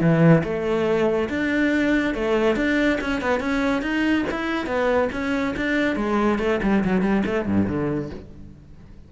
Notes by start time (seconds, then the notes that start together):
0.00 E3
0.43 A3
1.29 D4
2.14 A3
2.56 D4
3.01 C#4
3.21 B3
3.40 C#4
3.82 D#4
4.31 E4
4.66 B3
5.12 C#4
5.56 D4
5.96 G#3
6.39 A3
6.63 G3
6.84 F#3
7.01 G3
7.26 A3
7.46 G2
7.67 D3